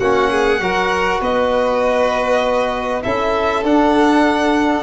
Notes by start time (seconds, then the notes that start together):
0.00 A#3 C#4 F#4 F#5
0.31 G#4
0.60 F#3 F#4 A#4
1.21 B3 B4 D#5
3.03 C#4 E4 A4 E5
3.64 D4 F#5